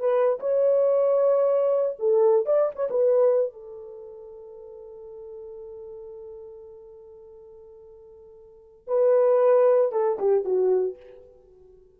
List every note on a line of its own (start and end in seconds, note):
0.00 0.39 B4
0.40 1.96 C#5
1.99 2.46 A4
2.46 2.72 D5
2.75 2.88 C#5
2.90 3.53 B4
3.53 8.87 A4
8.87 9.92 B4
9.92 10.18 A4
10.19 10.45 G4
10.45 10.97 F#4